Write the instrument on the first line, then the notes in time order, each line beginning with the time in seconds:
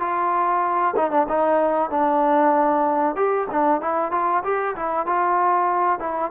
trombone
0.00 F4
0.96 D#4
1.11 D4
1.28 D#4
1.90 D4
3.16 G4
3.51 D4
3.81 E4
4.11 F4
4.44 G4
4.76 E4
5.06 F4
5.99 E4